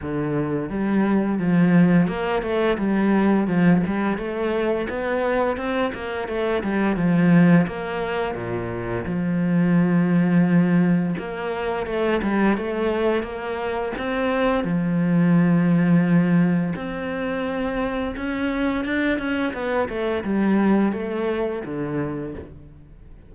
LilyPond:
\new Staff \with { instrumentName = "cello" } { \time 4/4 \tempo 4 = 86 d4 g4 f4 ais8 a8 | g4 f8 g8 a4 b4 | c'8 ais8 a8 g8 f4 ais4 | ais,4 f2. |
ais4 a8 g8 a4 ais4 | c'4 f2. | c'2 cis'4 d'8 cis'8 | b8 a8 g4 a4 d4 | }